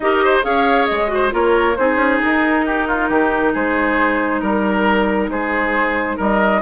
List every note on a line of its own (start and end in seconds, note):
0.00 0.44 D#4
0.00 0.42 G4
0.00 0.24 A#4
0.00 0.43 D#5
0.24 0.45 C5
0.42 0.88 C#4
0.42 1.07 G#4
0.42 1.11 C#5
0.42 0.86 F5
0.86 1.33 G#3
0.86 1.30 D#5
1.07 1.29 F#4
1.13 1.33 C5
1.30 1.77 A#3
1.30 1.74 F4
1.30 1.77 A#4
1.30 1.76 C#5
1.76 1.95 C4
1.76 6.61 D#4
1.76 2.66 G#4
1.76 2.20 C5
1.95 2.17 C#4
2.22 3.09 D#4
2.22 3.54 A#4
2.66 2.87 G4
2.87 3.09 F4
3.09 3.53 D#3
3.09 3.53 G4
3.53 4.41 G#3
3.53 4.41 G#4
3.53 4.40 C5
4.40 5.28 G3
4.40 5.28 A#4
4.40 5.29 A#4
5.28 6.16 G#3
5.28 6.16 G#4
5.28 6.18 C5
6.16 6.61 G3
6.16 6.61 A#4
6.16 6.61 D#5